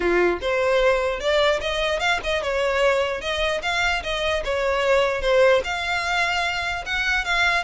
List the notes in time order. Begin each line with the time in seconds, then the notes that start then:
0.00 F4
0.41 C5
1.20 D5
1.60 D#5
1.99 F5
2.23 D#5
2.42 C#5
3.21 D#5
3.62 F5
4.03 D#5
4.44 C#5
5.21 C5
5.64 F5
6.85 F#5
7.25 F5